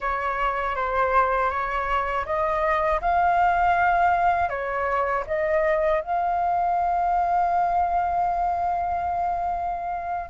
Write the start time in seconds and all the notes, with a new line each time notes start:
0.00 C#5
0.75 C5
1.50 C#5
2.25 D#5
3.01 F5
4.49 C#5
5.27 D#5
6.01 F5